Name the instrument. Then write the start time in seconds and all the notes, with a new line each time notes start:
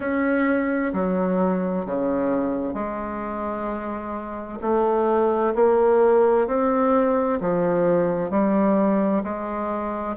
bassoon
0.00 C#4
0.93 F#3
1.85 C#3
2.74 G#3
4.61 A3
5.54 A#3
6.47 C4
7.40 F3
8.30 G3
9.23 G#3